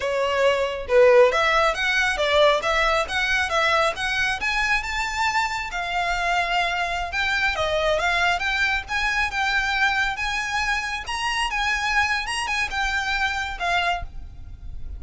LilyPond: \new Staff \with { instrumentName = "violin" } { \time 4/4 \tempo 4 = 137 cis''2 b'4 e''4 | fis''4 d''4 e''4 fis''4 | e''4 fis''4 gis''4 a''4~ | a''4 f''2.~ |
f''16 g''4 dis''4 f''4 g''8.~ | g''16 gis''4 g''2 gis''8.~ | gis''4~ gis''16 ais''4 gis''4.~ gis''16 | ais''8 gis''8 g''2 f''4 | }